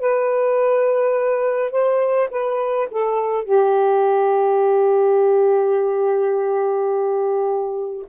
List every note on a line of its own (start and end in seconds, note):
0.00 1.72 B4
1.72 2.29 C5
2.31 2.88 B4
2.91 3.44 A4
3.44 8.06 G4